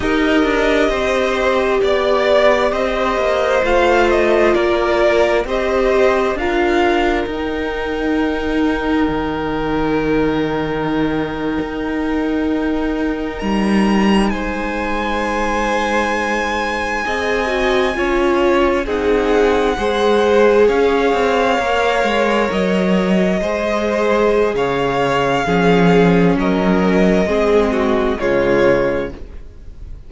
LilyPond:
<<
  \new Staff \with { instrumentName = "violin" } { \time 4/4 \tempo 4 = 66 dis''2 d''4 dis''4 | f''8 dis''8 d''4 dis''4 f''4 | g''1~ | g''2~ g''8. ais''4 gis''16~ |
gis''1~ | gis''8. fis''2 f''4~ f''16~ | f''8. dis''2~ dis''16 f''4~ | f''4 dis''2 cis''4 | }
  \new Staff \with { instrumentName = "violin" } { \time 4/4 ais'4 c''4 d''4 c''4~ | c''4 ais'4 c''4 ais'4~ | ais'1~ | ais'2.~ ais'8. c''16~ |
c''2~ c''8. dis''4 cis''16~ | cis''8. gis'4 c''4 cis''4~ cis''16~ | cis''4.~ cis''16 c''4~ c''16 cis''4 | gis'4 ais'4 gis'8 fis'8 f'4 | }
  \new Staff \with { instrumentName = "viola" } { \time 4/4 g'1 | f'2 g'4 f'4 | dis'1~ | dis'1~ |
dis'2~ dis'8. gis'8 fis'8 f'16~ | f'8. dis'4 gis'2 ais'16~ | ais'4.~ ais'16 gis'2~ gis'16 | cis'2 c'4 gis4 | }
  \new Staff \with { instrumentName = "cello" } { \time 4/4 dis'8 d'8 c'4 b4 c'8 ais8 | a4 ais4 c'4 d'4 | dis'2 dis2~ | dis8. dis'2 g4 gis16~ |
gis2~ gis8. c'4 cis'16~ | cis'8. c'4 gis4 cis'8 c'8 ais16~ | ais16 gis8 fis4 gis4~ gis16 cis4 | f4 fis4 gis4 cis4 | }
>>